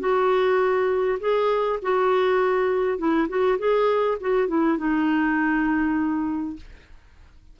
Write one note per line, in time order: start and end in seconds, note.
0.00 1.19 F#4
1.20 1.79 G#4
1.83 2.98 F#4
2.98 3.28 E4
3.29 3.58 F#4
3.59 4.18 G#4
4.20 4.48 F#4
4.48 4.78 E4
4.78 6.56 D#4